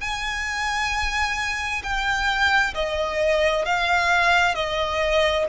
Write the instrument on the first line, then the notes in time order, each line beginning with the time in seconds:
violin
0.00 G#5
1.83 G5
2.74 D#5
3.65 F5
4.54 D#5